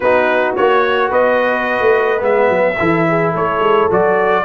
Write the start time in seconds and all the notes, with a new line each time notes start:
0.00 B3 D#4 F#4 B4
0.56 A#3 F#4 C#5
1.09 B3 B4 D#5
1.80 A3
2.18 G#3 B3 E5
2.49 F#3
2.79 E3 E4 A4
3.08 G#4
3.32 A3 A4 C#5
3.59 G#3
3.90 F#3 F#4 D5